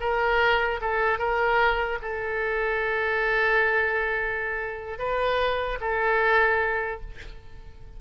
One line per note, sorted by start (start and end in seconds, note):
0.00 0.80 A#4
0.81 1.18 A4
1.18 1.98 A#4
2.01 4.98 A4
4.98 5.78 B4
5.80 7.00 A4